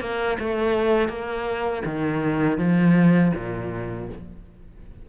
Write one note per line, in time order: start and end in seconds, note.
0.00 0.37 A#3
0.39 1.08 A3
1.08 1.82 A#3
1.85 2.58 D#3
2.58 3.32 F3
3.35 4.09 A#2